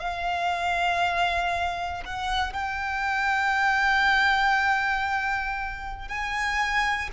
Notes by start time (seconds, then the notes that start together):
0.00 F5
2.05 F#5
2.53 G5
6.08 G#5